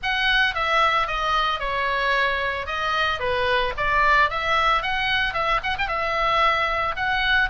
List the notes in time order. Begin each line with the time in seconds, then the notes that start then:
0.03 F#5
0.54 E5
1.07 D#5
1.59 C#5
2.66 D#5
3.19 B4
3.77 D5
4.30 E5
4.82 F#5
5.33 E5
5.63 F#5
5.78 G5
5.88 E5
6.96 F#5